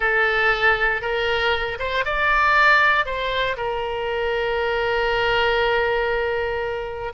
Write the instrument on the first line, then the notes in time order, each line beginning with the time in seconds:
oboe
0.00 A4
1.01 A#4
1.79 C5
2.05 D5
3.05 C5
3.56 A#4